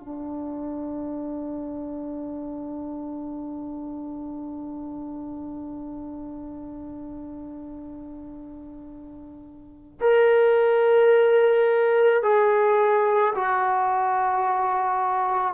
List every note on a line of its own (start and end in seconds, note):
0.00 10.00 D4
10.01 12.23 A#4
12.23 13.34 G#4
13.35 15.55 F#4